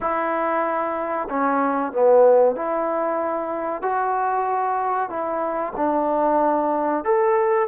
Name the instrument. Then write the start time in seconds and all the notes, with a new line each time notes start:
trombone
0.00 E4
1.29 C#4
1.92 B3
2.55 E4
3.82 F#4
5.09 E4
5.76 D4
7.04 A4